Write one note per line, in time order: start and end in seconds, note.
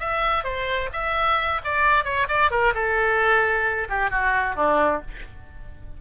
0.00 0.44 E5
0.44 0.90 C5
0.93 1.61 E5
1.65 2.05 D5
2.05 2.27 C#5
2.29 2.51 D5
2.51 2.74 A#4
2.75 3.88 A4
3.90 4.11 G4
4.11 4.56 F#4
4.56 5.01 D4